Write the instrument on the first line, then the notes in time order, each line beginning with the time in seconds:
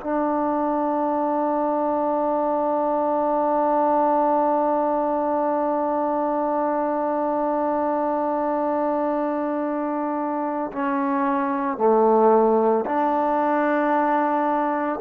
trombone
0.00 D4
10.72 C#4
11.78 A3
12.86 D4